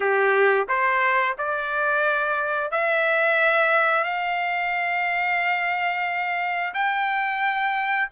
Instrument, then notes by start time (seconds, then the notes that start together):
trumpet
0.00 G4
0.68 C5
1.38 D5
2.71 E5
4.04 F5
6.74 G5